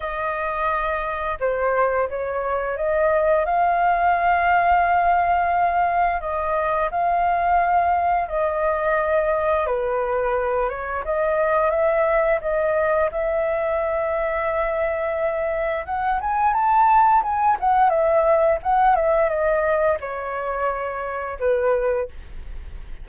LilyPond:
\new Staff \with { instrumentName = "flute" } { \time 4/4 \tempo 4 = 87 dis''2 c''4 cis''4 | dis''4 f''2.~ | f''4 dis''4 f''2 | dis''2 b'4. cis''8 |
dis''4 e''4 dis''4 e''4~ | e''2. fis''8 gis''8 | a''4 gis''8 fis''8 e''4 fis''8 e''8 | dis''4 cis''2 b'4 | }